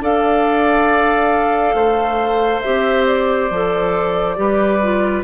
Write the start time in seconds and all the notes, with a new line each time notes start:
0.00 D4 A4 D5 F5
1.74 A3 C5
2.61 C4 G4 E5
3.06 D5
3.50 F3 A4
4.36 G3 G4 B4
4.82 F4